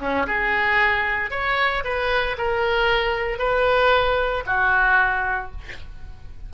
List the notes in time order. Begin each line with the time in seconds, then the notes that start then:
0.00 C#4
0.27 G#4
1.31 C#5
1.84 B4
2.38 A#4
3.39 B4
4.47 F#4